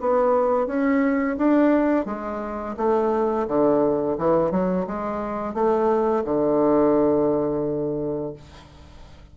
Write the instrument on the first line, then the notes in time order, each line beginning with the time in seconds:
bassoon
0.00 B3
0.67 C#4
1.37 D4
2.05 G#3
2.77 A3
3.47 D3
4.18 E3
4.51 F#3
4.86 G#3
5.54 A3
6.24 D3